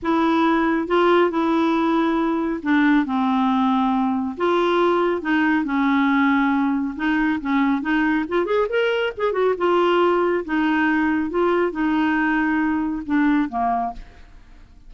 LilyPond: \new Staff \with { instrumentName = "clarinet" } { \time 4/4 \tempo 4 = 138 e'2 f'4 e'4~ | e'2 d'4 c'4~ | c'2 f'2 | dis'4 cis'2. |
dis'4 cis'4 dis'4 f'8 gis'8 | ais'4 gis'8 fis'8 f'2 | dis'2 f'4 dis'4~ | dis'2 d'4 ais4 | }